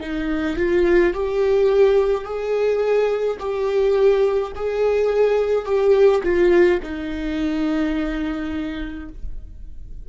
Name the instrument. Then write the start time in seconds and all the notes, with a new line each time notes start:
viola
0.00 D#4
0.57 F4
1.13 G4
2.24 G#4
3.39 G4
4.55 G#4
5.65 G4
6.23 F4
6.82 D#4